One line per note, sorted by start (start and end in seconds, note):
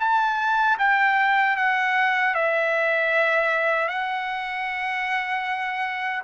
0.00 0.78 A5
0.79 1.57 G5
1.57 2.34 F#5
2.34 3.88 E5
3.88 6.22 F#5